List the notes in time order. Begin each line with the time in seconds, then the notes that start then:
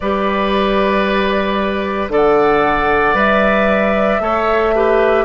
0.00 G3 G4 B4 D5
2.08 D3 A4 D5
2.15 F#5
3.13 G3 B4 E5
4.20 A3 A4 C#5
4.75 G4 B4